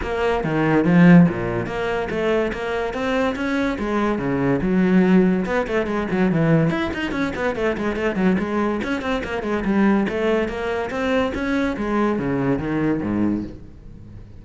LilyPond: \new Staff \with { instrumentName = "cello" } { \time 4/4 \tempo 4 = 143 ais4 dis4 f4 ais,4 | ais4 a4 ais4 c'4 | cis'4 gis4 cis4 fis4~ | fis4 b8 a8 gis8 fis8 e4 |
e'8 dis'8 cis'8 b8 a8 gis8 a8 fis8 | gis4 cis'8 c'8 ais8 gis8 g4 | a4 ais4 c'4 cis'4 | gis4 cis4 dis4 gis,4 | }